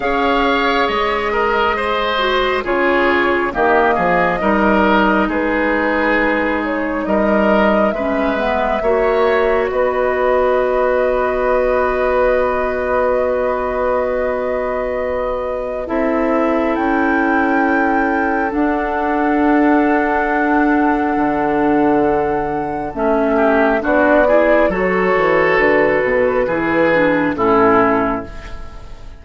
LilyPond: <<
  \new Staff \with { instrumentName = "flute" } { \time 4/4 \tempo 4 = 68 f''4 dis''2 cis''4 | dis''2 b'4. cis''8 | dis''4 e''2 dis''4~ | dis''1~ |
dis''2 e''4 g''4~ | g''4 fis''2.~ | fis''2 e''4 d''4 | cis''4 b'2 a'4 | }
  \new Staff \with { instrumentName = "oboe" } { \time 4/4 cis''4. ais'8 c''4 gis'4 | g'8 gis'8 ais'4 gis'2 | ais'4 b'4 cis''4 b'4~ | b'1~ |
b'2 a'2~ | a'1~ | a'2~ a'8 g'8 fis'8 gis'8 | a'2 gis'4 e'4 | }
  \new Staff \with { instrumentName = "clarinet" } { \time 4/4 gis'2~ gis'8 fis'8 f'4 | ais4 dis'2.~ | dis'4 cis'8 b8 fis'2~ | fis'1~ |
fis'2 e'2~ | e'4 d'2.~ | d'2 cis'4 d'8 e'8 | fis'2 e'8 d'8 cis'4 | }
  \new Staff \with { instrumentName = "bassoon" } { \time 4/4 cis'4 gis2 cis4 | dis8 f8 g4 gis2 | g4 gis4 ais4 b4~ | b1~ |
b2 c'4 cis'4~ | cis'4 d'2. | d2 a4 b4 | fis8 e8 d8 b,8 e4 a,4 | }
>>